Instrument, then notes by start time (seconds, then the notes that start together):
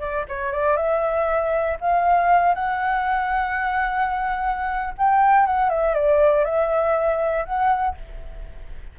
flute
0.00 D5
0.29 C#5
0.52 D5
0.77 E5
1.81 F5
2.55 F#5
4.98 G5
5.46 F#5
5.70 E5
5.94 D5
6.45 E5
7.45 F#5